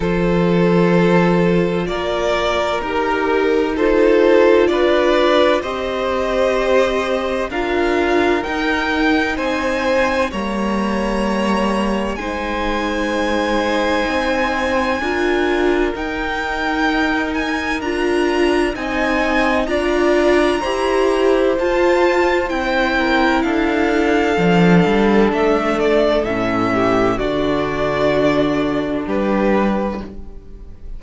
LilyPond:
<<
  \new Staff \with { instrumentName = "violin" } { \time 4/4 \tempo 4 = 64 c''2 d''4 ais'4 | c''4 d''4 dis''2 | f''4 g''4 gis''4 ais''4~ | ais''4 gis''2.~ |
gis''4 g''4. gis''8 ais''4 | gis''4 ais''2 a''4 | g''4 f''2 e''8 d''8 | e''4 d''2 b'4 | }
  \new Staff \with { instrumentName = "violin" } { \time 4/4 a'2 ais'2 | a'4 b'4 c''2 | ais'2 c''4 cis''4~ | cis''4 c''2. |
ais'1 | dis''4 d''4 c''2~ | c''8 ais'8 a'2.~ | a'8 g'8 fis'2 g'4 | }
  \new Staff \with { instrumentName = "viola" } { \time 4/4 f'2. g'4 | f'2 g'2 | f'4 dis'2 ais4~ | ais4 dis'2. |
f'4 dis'2 f'4 | dis'4 f'4 g'4 f'4 | e'2 d'2 | cis'4 d'2. | }
  \new Staff \with { instrumentName = "cello" } { \time 4/4 f2 ais4 dis'4~ | dis'4 d'4 c'2 | d'4 dis'4 c'4 g4~ | g4 gis2 c'4 |
d'4 dis'2 d'4 | c'4 d'4 e'4 f'4 | c'4 d'4 f8 g8 a4 | a,4 d2 g4 | }
>>